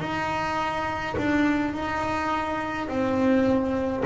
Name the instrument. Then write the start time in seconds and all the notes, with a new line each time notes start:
double bass
0.00 D#4
1.17 D4
1.74 D#4
2.88 C4